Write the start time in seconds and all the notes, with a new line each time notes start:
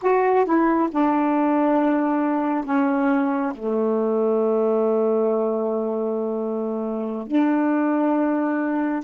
0.02 F#4
0.45 E4
0.91 D4
2.64 C#4
3.54 A3
7.27 D4